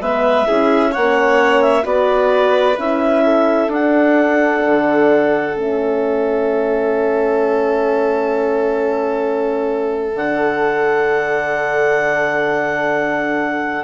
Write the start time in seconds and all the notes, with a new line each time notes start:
0.00 G#3 B3 B4 E5
0.46 C#4 E4 G#4
0.91 A#3 C#4 C#5 F#5
1.62 E5
1.82 B3 F#4 B4 D5
2.77 C#4 E4 E5
3.24 A4
3.68 D4 F#5
4.65 D3
5.54 A3 C#4 E5
10.15 D3 D4 F#5